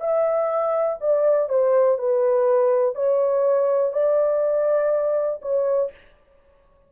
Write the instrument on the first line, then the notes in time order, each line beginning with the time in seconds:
horn
0.00 E5
1.01 D5
1.48 C5
1.98 B4
2.95 C#5
3.93 D5
5.41 C#5